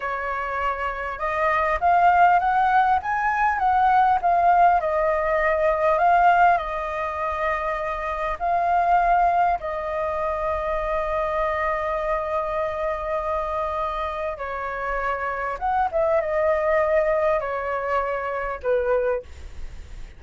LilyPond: \new Staff \with { instrumentName = "flute" } { \time 4/4 \tempo 4 = 100 cis''2 dis''4 f''4 | fis''4 gis''4 fis''4 f''4 | dis''2 f''4 dis''4~ | dis''2 f''2 |
dis''1~ | dis''1 | cis''2 fis''8 e''8 dis''4~ | dis''4 cis''2 b'4 | }